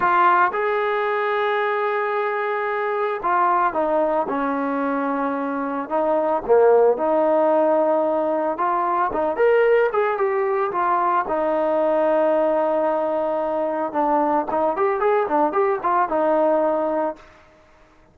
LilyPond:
\new Staff \with { instrumentName = "trombone" } { \time 4/4 \tempo 4 = 112 f'4 gis'2.~ | gis'2 f'4 dis'4 | cis'2. dis'4 | ais4 dis'2. |
f'4 dis'8 ais'4 gis'8 g'4 | f'4 dis'2.~ | dis'2 d'4 dis'8 g'8 | gis'8 d'8 g'8 f'8 dis'2 | }